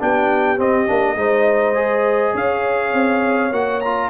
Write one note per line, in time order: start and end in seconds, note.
0.00 0.59 B3
0.00 0.58 D4
0.00 1.18 G4
0.00 0.60 G5
0.58 0.87 C4
0.58 0.88 C4
0.58 2.37 D#5
0.87 1.15 A#3
0.87 1.16 D4
1.15 2.33 G#3
1.15 1.75 D#4
1.15 2.33 C5
1.75 3.51 G#4
2.33 2.94 C#4
2.33 4.10 C#5
2.33 3.54 F5
2.94 3.52 C4
3.52 4.10 A#3
3.52 3.82 F#4
3.52 3.81 F#5
3.81 4.10 F4
3.81 4.10 A#5